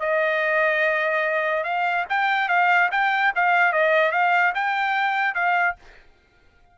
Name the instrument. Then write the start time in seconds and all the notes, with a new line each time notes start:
trumpet
0.00 D#5
1.64 F5
2.09 G5
2.49 F5
2.92 G5
3.35 F5
3.73 D#5
4.12 F5
4.55 G5
5.35 F5